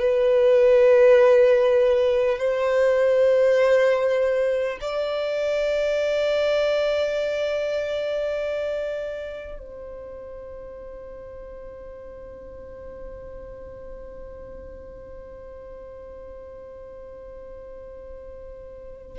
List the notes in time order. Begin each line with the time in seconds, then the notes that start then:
0.00 B4
2.39 C5
4.81 D5
9.59 C5